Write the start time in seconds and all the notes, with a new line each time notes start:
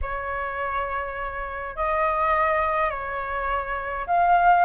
0.01 C#5
1.76 D#5
2.90 C#5
4.06 F5